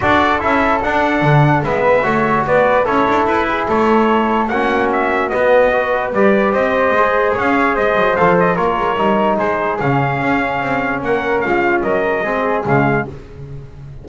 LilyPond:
<<
  \new Staff \with { instrumentName = "trumpet" } { \time 4/4 \tempo 4 = 147 d''4 e''4 fis''2 | e''2 d''4 cis''4 | b'4 cis''2 fis''4 | e''4 dis''2 d''4 |
dis''2 f''4 dis''4 | f''8 dis''8 cis''2 c''4 | f''2. fis''4 | f''4 dis''2 f''4 | }
  \new Staff \with { instrumentName = "flute" } { \time 4/4 a'1 | b'4 cis''4 b'4 a'4~ | a'8 gis'8 a'2 fis'4~ | fis'2 b'2 |
c''2 cis''4 c''4~ | c''4 ais'2 gis'4~ | gis'2. ais'4 | f'4 ais'4 gis'2 | }
  \new Staff \with { instrumentName = "trombone" } { \time 4/4 fis'4 e'4 d'2 | b4 fis'2 e'4~ | e'2. cis'4~ | cis'4 b4 fis'4 g'4~ |
g'4 gis'2. | a'4 f'4 dis'2 | cis'1~ | cis'2 c'4 gis4 | }
  \new Staff \with { instrumentName = "double bass" } { \time 4/4 d'4 cis'4 d'4 d4 | gis4 a4 b4 cis'8 d'8 | e'4 a2 ais4~ | ais4 b2 g4 |
c'4 gis4 cis'4 gis8 fis8 | f4 ais8 gis8 g4 gis4 | cis4 cis'4 c'4 ais4 | gis4 fis4 gis4 cis4 | }
>>